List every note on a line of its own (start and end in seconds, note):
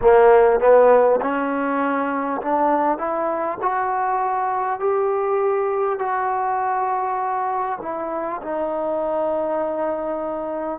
0.01 0.60 A#3
0.60 1.20 B3
1.21 2.41 C#4
2.41 2.97 D4
2.97 3.57 E4
3.62 4.79 F#4
4.79 5.98 G4
5.98 7.78 F#4
7.81 8.41 E4
8.42 10.79 D#4